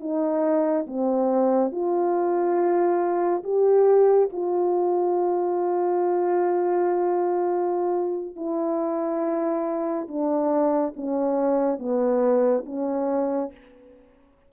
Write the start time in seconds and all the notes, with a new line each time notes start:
0.00 D#4
0.86 C4
1.71 F4
3.44 G4
4.32 F4
8.36 E4
10.08 D4
10.96 C#4
11.79 B3
12.65 C#4